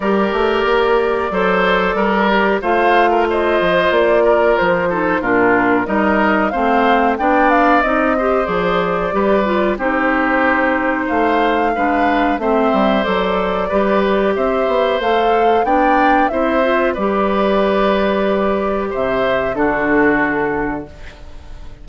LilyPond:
<<
  \new Staff \with { instrumentName = "flute" } { \time 4/4 \tempo 4 = 92 d''1 | f''4 dis''4 d''4 c''4 | ais'4 dis''4 f''4 g''8 f''8 | dis''4 d''2 c''4~ |
c''4 f''2 e''4 | d''2 e''4 f''4 | g''4 e''4 d''2~ | d''4 e''4 a'2 | }
  \new Staff \with { instrumentName = "oboe" } { \time 4/4 ais'2 c''4 ais'4 | c''8. ais'16 c''4. ais'4 a'8 | f'4 ais'4 c''4 d''4~ | d''8 c''4. b'4 g'4~ |
g'4 c''4 b'4 c''4~ | c''4 b'4 c''2 | d''4 c''4 b'2~ | b'4 c''4 fis'2 | }
  \new Staff \with { instrumentName = "clarinet" } { \time 4/4 g'2 a'4. g'8 | f'2.~ f'8 dis'8 | d'4 dis'4 c'4 d'4 | dis'8 g'8 gis'4 g'8 f'8 dis'4~ |
dis'2 d'4 c'4 | a'4 g'2 a'4 | d'4 e'8 f'8 g'2~ | g'2 d'2 | }
  \new Staff \with { instrumentName = "bassoon" } { \time 4/4 g8 a8 ais4 fis4 g4 | a4. f8 ais4 f4 | ais,4 g4 a4 b4 | c'4 f4 g4 c'4~ |
c'4 a4 gis4 a8 g8 | fis4 g4 c'8 b8 a4 | b4 c'4 g2~ | g4 c4 d2 | }
>>